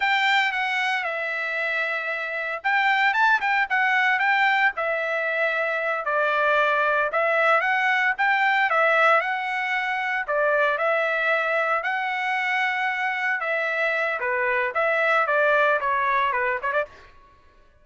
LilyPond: \new Staff \with { instrumentName = "trumpet" } { \time 4/4 \tempo 4 = 114 g''4 fis''4 e''2~ | e''4 g''4 a''8 g''8 fis''4 | g''4 e''2~ e''8 d''8~ | d''4. e''4 fis''4 g''8~ |
g''8 e''4 fis''2 d''8~ | d''8 e''2 fis''4.~ | fis''4. e''4. b'4 | e''4 d''4 cis''4 b'8 cis''16 d''16 | }